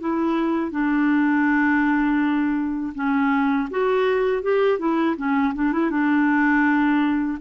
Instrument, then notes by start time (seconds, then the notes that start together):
clarinet
0.00 E4
0.71 D4
2.95 C#4
3.71 F#4
4.42 G4
4.79 E4
5.17 C#4
5.55 D4
5.72 E4
5.91 D4